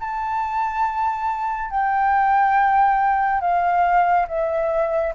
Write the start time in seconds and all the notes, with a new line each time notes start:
0.00 A5
1.70 G5
3.41 F5
4.28 E5